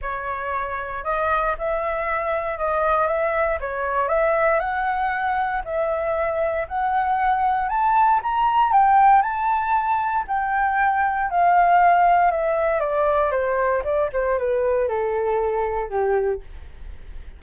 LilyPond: \new Staff \with { instrumentName = "flute" } { \time 4/4 \tempo 4 = 117 cis''2 dis''4 e''4~ | e''4 dis''4 e''4 cis''4 | e''4 fis''2 e''4~ | e''4 fis''2 a''4 |
ais''4 g''4 a''2 | g''2 f''2 | e''4 d''4 c''4 d''8 c''8 | b'4 a'2 g'4 | }